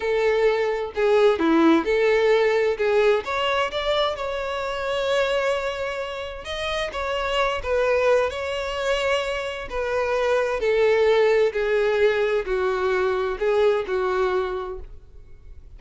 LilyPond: \new Staff \with { instrumentName = "violin" } { \time 4/4 \tempo 4 = 130 a'2 gis'4 e'4 | a'2 gis'4 cis''4 | d''4 cis''2.~ | cis''2 dis''4 cis''4~ |
cis''8 b'4. cis''2~ | cis''4 b'2 a'4~ | a'4 gis'2 fis'4~ | fis'4 gis'4 fis'2 | }